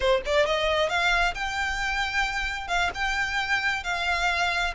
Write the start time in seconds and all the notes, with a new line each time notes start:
0.00 C5
0.25 D5
0.46 D#5
0.89 F5
1.34 G5
2.67 F5
2.94 G5
3.83 F5